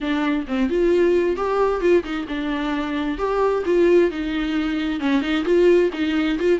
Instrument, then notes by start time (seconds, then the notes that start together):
viola
0.00 D4
0.47 C4
0.69 F4
1.36 G4
1.80 F4
2.03 D#4
2.28 D4
3.18 G4
3.65 F4
4.10 D#4
5.00 C#4
5.21 D#4
5.44 F4
5.93 D#4
6.38 F4